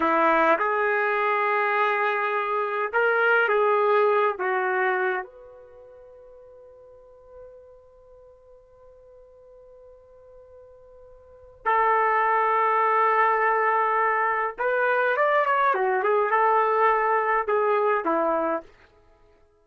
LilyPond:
\new Staff \with { instrumentName = "trumpet" } { \time 4/4 \tempo 4 = 103 e'4 gis'2.~ | gis'4 ais'4 gis'4. fis'8~ | fis'4 b'2.~ | b'1~ |
b'1 | a'1~ | a'4 b'4 d''8 cis''8 fis'8 gis'8 | a'2 gis'4 e'4 | }